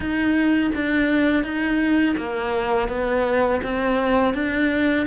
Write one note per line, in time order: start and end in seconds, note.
0.00 0.71 D#4
0.75 1.43 D4
1.43 2.15 D#4
2.17 2.88 A#3
2.88 3.60 B3
3.63 4.34 C4
4.34 5.06 D4